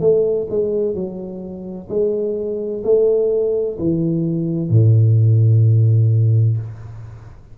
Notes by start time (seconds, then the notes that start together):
0.00 A3
0.49 G#3
0.94 F#3
1.89 G#3
2.84 A3
3.78 E3
4.70 A2